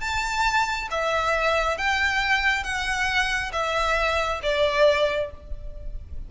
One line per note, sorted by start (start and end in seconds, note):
0.00 0.88 A5
0.90 1.77 E5
1.77 2.63 G5
2.63 3.51 F#5
3.52 4.40 E5
4.42 5.31 D5